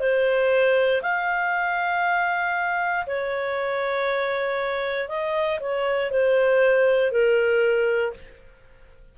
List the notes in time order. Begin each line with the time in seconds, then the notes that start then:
0.00 C5
1.03 F5
3.07 C#5
5.08 D#5
5.60 C#5
6.11 C5
7.12 A#4